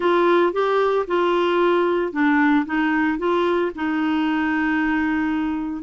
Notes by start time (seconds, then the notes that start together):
0.00 F4
0.52 G4
1.07 F4
2.12 D4
2.65 D#4
3.18 F4
3.75 D#4